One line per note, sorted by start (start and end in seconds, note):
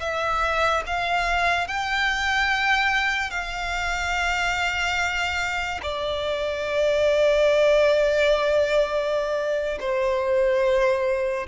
0.00 0.83 E5
0.86 1.67 F5
1.67 3.30 G5
3.30 5.80 F5
5.83 9.78 D5
9.80 11.47 C5